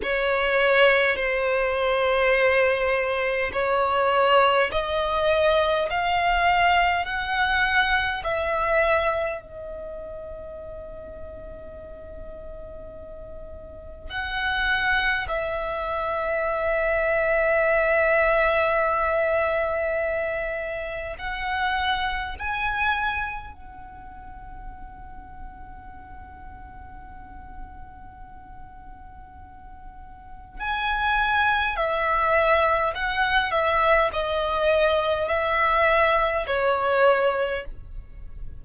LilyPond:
\new Staff \with { instrumentName = "violin" } { \time 4/4 \tempo 4 = 51 cis''4 c''2 cis''4 | dis''4 f''4 fis''4 e''4 | dis''1 | fis''4 e''2.~ |
e''2 fis''4 gis''4 | fis''1~ | fis''2 gis''4 e''4 | fis''8 e''8 dis''4 e''4 cis''4 | }